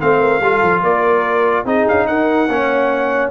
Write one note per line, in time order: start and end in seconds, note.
0.00 0.40 A3
0.00 0.41 C4
0.00 0.20 C5
0.00 0.83 F5
0.20 0.40 A#4
0.40 0.61 G3
0.40 1.66 F4
0.40 0.82 A4
0.62 0.83 F3
0.83 1.65 A#3
0.83 1.65 A#4
0.83 1.66 D5
1.65 1.85 C4
1.65 2.48 D#4
1.65 2.07 G#4
1.65 1.87 D#5
1.88 2.09 C#4
1.88 2.07 F5
2.07 2.48 D#4
2.07 2.49 A#4
2.07 3.31 F#5
2.48 3.31 A#3
2.48 3.31 C#4
2.48 3.31 C#5